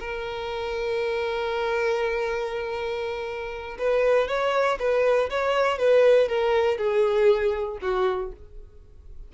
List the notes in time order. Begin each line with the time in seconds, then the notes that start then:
0.00 A#4
3.79 B4
4.29 C#5
4.80 B4
5.30 C#5
5.79 B4
6.29 A#4
6.78 G#4
7.82 F#4